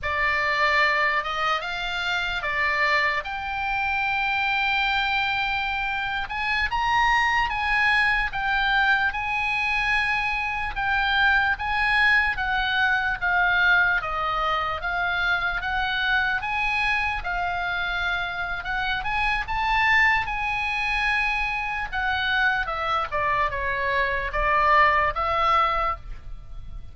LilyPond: \new Staff \with { instrumentName = "oboe" } { \time 4/4 \tempo 4 = 74 d''4. dis''8 f''4 d''4 | g''2.~ g''8. gis''16~ | gis''16 ais''4 gis''4 g''4 gis''8.~ | gis''4~ gis''16 g''4 gis''4 fis''8.~ |
fis''16 f''4 dis''4 f''4 fis''8.~ | fis''16 gis''4 f''4.~ f''16 fis''8 gis''8 | a''4 gis''2 fis''4 | e''8 d''8 cis''4 d''4 e''4 | }